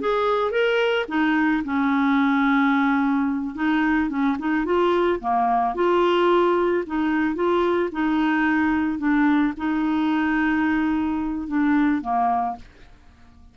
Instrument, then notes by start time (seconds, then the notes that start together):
clarinet
0.00 G#4
0.51 A#4
1.08 D#4
1.64 C#4
3.55 D#4
4.09 C#4
4.39 D#4
4.65 F4
5.20 A#3
5.74 F4
6.86 D#4
7.35 F4
7.92 D#4
8.98 D4
9.57 D#4
11.47 D4
12.01 A#3